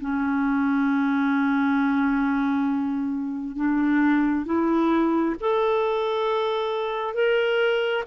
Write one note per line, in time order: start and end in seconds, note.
0.00 3.56 C#4
3.56 4.45 D4
4.45 5.35 E4
5.40 7.14 A4
7.14 8.04 A#4